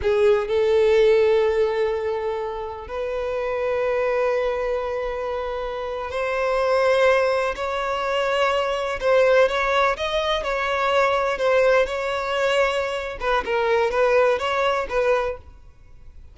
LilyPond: \new Staff \with { instrumentName = "violin" } { \time 4/4 \tempo 4 = 125 gis'4 a'2.~ | a'2 b'2~ | b'1~ | b'8. c''2. cis''16~ |
cis''2~ cis''8. c''4 cis''16~ | cis''8. dis''4 cis''2 c''16~ | c''8. cis''2~ cis''8. b'8 | ais'4 b'4 cis''4 b'4 | }